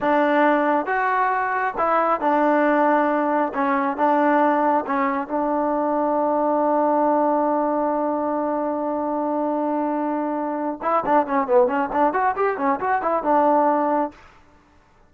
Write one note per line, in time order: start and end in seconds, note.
0.00 0.86 D4
0.86 1.74 F#4
1.77 2.20 E4
2.20 3.53 D4
3.54 3.96 C#4
3.96 4.84 D4
4.86 5.27 C#4
5.27 10.79 D4
10.81 11.04 E4
11.05 11.26 D4
11.26 11.47 C#4
11.47 11.67 B3
11.67 11.89 C#4
11.92 12.13 D4
12.13 12.35 F#4
12.35 12.57 G4
12.57 12.79 C#4
12.80 13.02 F#4
13.02 13.23 E4
13.23 14.11 D4